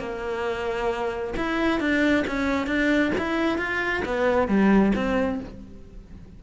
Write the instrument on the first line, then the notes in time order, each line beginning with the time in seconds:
cello
0.00 A#3
1.37 E4
1.80 D4
2.27 C#4
2.67 D4
3.18 E4
3.58 F4
4.06 B3
4.48 G3
4.96 C4